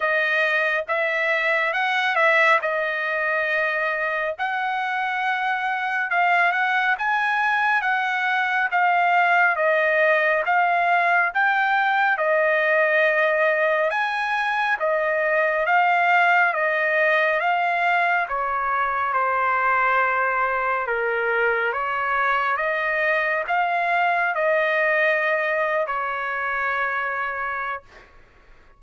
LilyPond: \new Staff \with { instrumentName = "trumpet" } { \time 4/4 \tempo 4 = 69 dis''4 e''4 fis''8 e''8 dis''4~ | dis''4 fis''2 f''8 fis''8 | gis''4 fis''4 f''4 dis''4 | f''4 g''4 dis''2 |
gis''4 dis''4 f''4 dis''4 | f''4 cis''4 c''2 | ais'4 cis''4 dis''4 f''4 | dis''4.~ dis''16 cis''2~ cis''16 | }